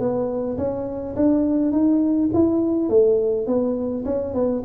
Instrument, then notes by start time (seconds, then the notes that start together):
tuba
0.00 B3
0.58 C#4
1.16 D4
1.72 D#4
2.34 E4
2.90 A3
3.47 B3
4.06 C#4
4.34 B3